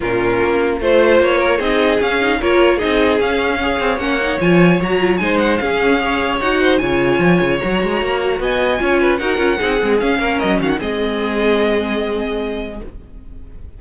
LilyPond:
<<
  \new Staff \with { instrumentName = "violin" } { \time 4/4 \tempo 4 = 150 ais'2 c''4 cis''4 | dis''4 f''4 cis''4 dis''4 | f''2 fis''4 gis''4 | ais''4 gis''8 fis''8 f''2 |
fis''4 gis''2 ais''4~ | ais''4 gis''2 fis''4~ | fis''4 f''4 dis''8 f''16 fis''16 dis''4~ | dis''1 | }
  \new Staff \with { instrumentName = "violin" } { \time 4/4 f'2 c''4. ais'8 | gis'2 ais'4 gis'4~ | gis'4 cis''2.~ | cis''4 c''4 gis'4 cis''4~ |
cis''8 c''8 cis''2.~ | cis''4 dis''4 cis''8 b'8 ais'4 | gis'4. ais'4 fis'8 gis'4~ | gis'1 | }
  \new Staff \with { instrumentName = "viola" } { \time 4/4 cis'2 f'2 | dis'4 cis'8 dis'8 f'4 dis'4 | cis'4 gis'4 cis'8 dis'8 f'4 | fis'8 f'8 dis'4 cis'4 gis'4 |
fis'4 f'2 fis'4~ | fis'2 f'4 fis'8 f'8 | dis'8 c'8 cis'2 c'4~ | c'1 | }
  \new Staff \with { instrumentName = "cello" } { \time 4/4 ais,4 ais4 a4 ais4 | c'4 cis'4 ais4 c'4 | cis'4. c'8 ais4 f4 | fis4 gis4 cis'2 |
dis'4 cis4 f8 cis8 fis8 gis8 | ais4 b4 cis'4 dis'8 cis'8 | c'8 gis8 cis'8 ais8 fis8 dis8 gis4~ | gis1 | }
>>